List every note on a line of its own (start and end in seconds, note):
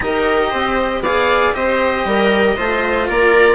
0.00 0.53 D#4
0.00 1.03 G4
0.00 0.50 A#4
0.00 1.03 D#5
0.50 1.01 C4
0.50 1.01 C5
1.01 1.52 B3
1.01 1.53 G#4
1.01 1.54 D5
1.01 1.54 F5
1.53 2.04 C4
1.53 2.56 G4
1.53 2.07 C5
1.53 3.08 D#5
2.04 2.56 G3
2.04 2.56 A#4
2.56 3.08 A3
2.56 3.55 F4
2.56 3.08 C5
3.08 3.55 A#3
3.08 3.55 A#4
3.08 3.55 D5